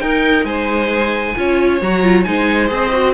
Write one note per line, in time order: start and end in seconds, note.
0.00 0.44 D#4
0.00 1.35 D#4
0.00 0.46 A#4
0.00 0.45 G5
0.44 1.34 G#3
0.44 1.36 C5
0.44 1.79 G#5
1.36 1.81 C#4
1.36 1.81 F4
1.36 2.27 C#5
1.81 2.26 F#3
1.81 2.03 F#4
1.81 2.24 A#5
2.03 2.25 F4
2.24 2.71 G#3
2.24 2.68 D#4
2.24 3.14 C5
2.24 2.68 G#5
2.68 3.14 C4
2.68 2.90 G#4
2.68 3.14 D#5
2.93 3.14 F#4